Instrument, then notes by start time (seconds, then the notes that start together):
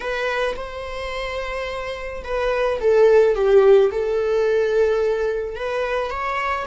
viola
0.00 B4
0.56 C5
2.23 B4
2.80 A4
3.35 G4
3.91 A4
5.55 B4
6.10 C#5